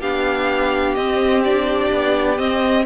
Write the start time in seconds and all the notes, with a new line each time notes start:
0.00 B3 D4 G4 F5
0.95 C4 D#5
1.44 D4 D5
1.92 B3
2.37 C4 D#5